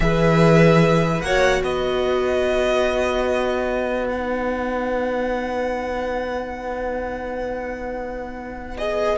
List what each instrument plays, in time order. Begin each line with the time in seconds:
0.00 cello E3, viola G#4, violin B4 E5
1.20 cello A#3, viola F#4, violin C#5 F#5
1.63 cello B3, violin B4 D#5
4.07 viola D#4, violin F#5
8.77 viola G#4, violin D#5